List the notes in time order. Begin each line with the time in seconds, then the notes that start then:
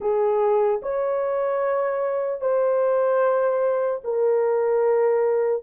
0.00 G#4
0.82 C#5
2.40 C5
4.04 A#4